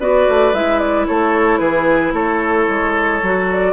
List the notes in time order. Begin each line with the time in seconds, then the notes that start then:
0.00 B3 F#4 B4 D5
0.29 A3
0.54 G#3 E4 E5
0.79 D5
1.07 A3 A4 C#5
1.59 E3 G#4 B4
2.13 A3 A4 C#5
2.69 G#3
3.22 F#3 F#4
3.52 D5